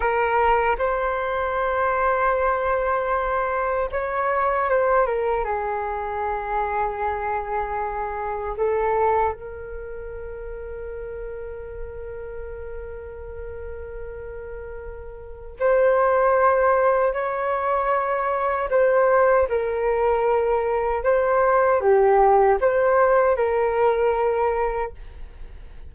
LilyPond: \new Staff \with { instrumentName = "flute" } { \time 4/4 \tempo 4 = 77 ais'4 c''2.~ | c''4 cis''4 c''8 ais'8 gis'4~ | gis'2. a'4 | ais'1~ |
ais'1 | c''2 cis''2 | c''4 ais'2 c''4 | g'4 c''4 ais'2 | }